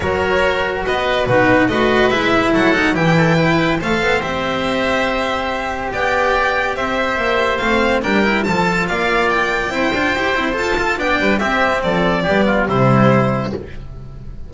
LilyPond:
<<
  \new Staff \with { instrumentName = "violin" } { \time 4/4 \tempo 4 = 142 cis''2 dis''4 b'4 | dis''4 e''4 fis''4 g''4~ | g''4 f''4 e''2~ | e''2 g''2 |
e''2 f''4 g''4 | a''4 f''4 g''2~ | g''4 a''4 g''4 e''4 | d''2 c''2 | }
  \new Staff \with { instrumentName = "oboe" } { \time 4/4 ais'2 b'4 fis'4 | b'2 a'4 g'8 a'8 | b'4 c''2.~ | c''2 d''2 |
c''2. ais'4 | a'4 d''2 c''4~ | c''4. a'8 d''8 b'8 g'4 | a'4 g'8 f'8 e'2 | }
  \new Staff \with { instrumentName = "cello" } { \time 4/4 fis'2. dis'4 | fis'4 e'4. dis'8 e'4~ | e'4 a'4 g'2~ | g'1~ |
g'2 c'4 d'8 e'8 | f'2. e'8 f'8 | g'8 e'8 a'8 f'8 d'4 c'4~ | c'4 b4 g2 | }
  \new Staff \with { instrumentName = "double bass" } { \time 4/4 fis2 b4 b,4 | a4 gis4 fis4 e4~ | e4 a8 b8 c'2~ | c'2 b2 |
c'4 ais4 a4 g4 | f4 ais2 c'8 d'8 | e'8 c'8 f'4 b8 g8 c'4 | f4 g4 c2 | }
>>